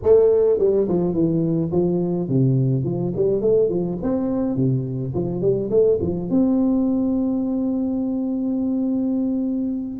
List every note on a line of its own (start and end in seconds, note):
0.02 0.58 A3
0.58 0.87 G3
0.88 1.13 F3
1.13 1.70 E3
1.71 2.28 F3
2.28 2.84 C3
2.84 3.12 F3
3.16 3.41 G3
3.41 3.69 A3
3.69 3.97 F3
4.02 4.56 C4
4.56 5.13 C3
5.14 5.41 F3
5.41 5.70 G3
5.70 5.98 A3
6.01 6.29 F3
6.30 10.00 C4